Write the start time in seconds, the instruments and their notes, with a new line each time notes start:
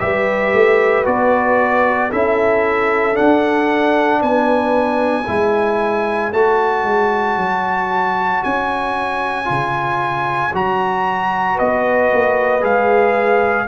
0.00 tuba G3, trombone G4, horn B4, trumpet E5
0.54 tuba A3
1.05 tuba B3, trombone F#4, trumpet D5
2.11 tuba C#4, trombone E4, horn A4, trumpet E5
3.14 trombone D4, trumpet F#5
3.21 tuba D4
4.22 tuba B3, horn B4, trumpet G#5
5.26 tuba G#3, trombone E4, horn C#5
6.32 tuba A3, trombone F#4, trumpet A5
6.85 tuba G#3
7.38 tuba F#3
8.44 tuba C#4, trumpet G#5
9.45 tuba C#3, trombone F4
10.54 tuba F#3, trombone F#4, trumpet A#5
11.55 tuba B3, horn B4, trumpet D#5
12.14 tuba A#3
12.62 tuba G#3, trombone G#4, trumpet F5